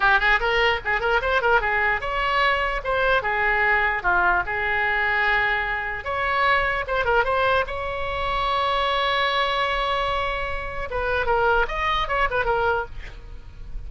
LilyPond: \new Staff \with { instrumentName = "oboe" } { \time 4/4 \tempo 4 = 149 g'8 gis'8 ais'4 gis'8 ais'8 c''8 ais'8 | gis'4 cis''2 c''4 | gis'2 f'4 gis'4~ | gis'2. cis''4~ |
cis''4 c''8 ais'8 c''4 cis''4~ | cis''1~ | cis''2. b'4 | ais'4 dis''4 cis''8 b'8 ais'4 | }